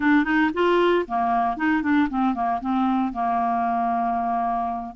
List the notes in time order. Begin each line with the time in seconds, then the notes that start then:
0.00 D4
0.24 D#4
0.53 F4
1.07 A#3
1.57 D#4
1.82 D4
2.09 C4
2.34 A#3
2.60 C4
3.13 A#3